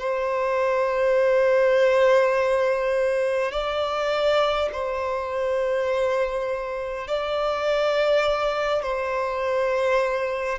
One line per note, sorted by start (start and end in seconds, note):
0.00 3.52 C5
3.52 4.70 D5
4.73 7.08 C5
7.08 8.83 D5
8.83 10.59 C5